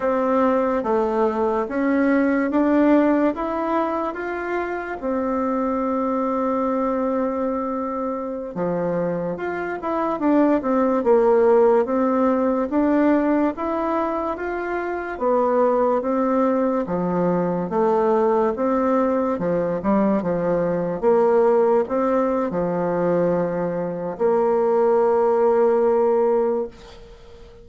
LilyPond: \new Staff \with { instrumentName = "bassoon" } { \time 4/4 \tempo 4 = 72 c'4 a4 cis'4 d'4 | e'4 f'4 c'2~ | c'2~ c'16 f4 f'8 e'16~ | e'16 d'8 c'8 ais4 c'4 d'8.~ |
d'16 e'4 f'4 b4 c'8.~ | c'16 f4 a4 c'4 f8 g16~ | g16 f4 ais4 c'8. f4~ | f4 ais2. | }